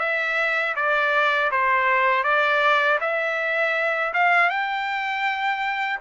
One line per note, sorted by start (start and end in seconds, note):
0.00 0.75 E5
0.76 1.51 D5
1.51 2.24 C5
2.24 2.99 D5
3.01 4.13 E5
4.14 4.50 F5
4.50 6.00 G5